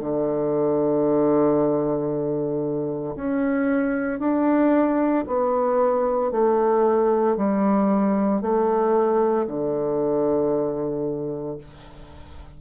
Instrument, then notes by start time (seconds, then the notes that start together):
bassoon
0.00 D3
3.16 C#4
4.20 D4
5.27 B3
6.32 A3
7.37 G3
8.42 A3
9.47 D3